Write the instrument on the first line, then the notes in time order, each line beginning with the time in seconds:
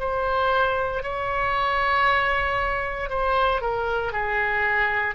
oboe
0.00 C5
1.03 C#5
3.10 C5
3.61 A#4
4.13 G#4